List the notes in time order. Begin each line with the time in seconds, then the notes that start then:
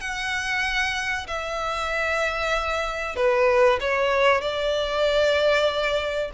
0.00 F#5
1.27 E5
3.16 B4
3.80 C#5
4.41 D5